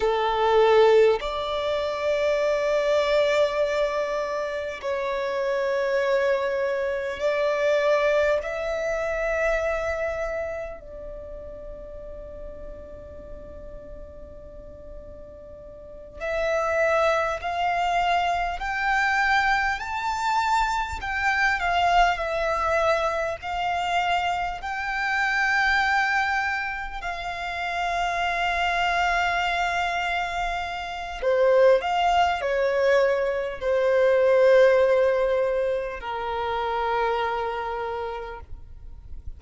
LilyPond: \new Staff \with { instrumentName = "violin" } { \time 4/4 \tempo 4 = 50 a'4 d''2. | cis''2 d''4 e''4~ | e''4 d''2.~ | d''4. e''4 f''4 g''8~ |
g''8 a''4 g''8 f''8 e''4 f''8~ | f''8 g''2 f''4.~ | f''2 c''8 f''8 cis''4 | c''2 ais'2 | }